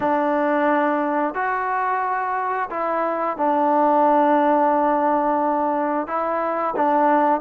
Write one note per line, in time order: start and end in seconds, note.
0.00 1.34 D4
1.34 2.69 F#4
2.70 3.37 E4
3.37 6.07 D4
6.07 6.74 E4
6.76 7.40 D4